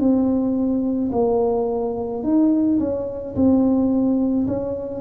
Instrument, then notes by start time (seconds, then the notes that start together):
tuba
0.00 C4
1.12 A#3
2.24 D#4
2.80 C#4
3.36 C4
4.47 C#4